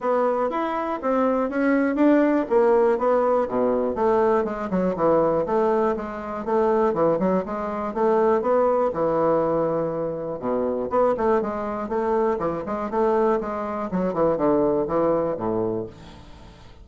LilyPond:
\new Staff \with { instrumentName = "bassoon" } { \time 4/4 \tempo 4 = 121 b4 e'4 c'4 cis'4 | d'4 ais4 b4 b,4 | a4 gis8 fis8 e4 a4 | gis4 a4 e8 fis8 gis4 |
a4 b4 e2~ | e4 b,4 b8 a8 gis4 | a4 e8 gis8 a4 gis4 | fis8 e8 d4 e4 a,4 | }